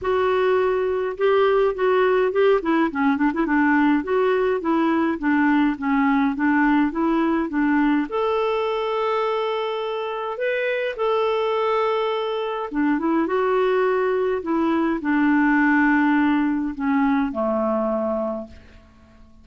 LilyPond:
\new Staff \with { instrumentName = "clarinet" } { \time 4/4 \tempo 4 = 104 fis'2 g'4 fis'4 | g'8 e'8 cis'8 d'16 e'16 d'4 fis'4 | e'4 d'4 cis'4 d'4 | e'4 d'4 a'2~ |
a'2 b'4 a'4~ | a'2 d'8 e'8 fis'4~ | fis'4 e'4 d'2~ | d'4 cis'4 a2 | }